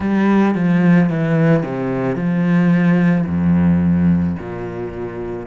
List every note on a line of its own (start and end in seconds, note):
0.00 0.55 G3
0.55 1.09 F3
1.09 1.63 E3
1.63 2.15 C3
2.15 3.24 F3
3.27 4.36 F2
4.38 5.46 A#2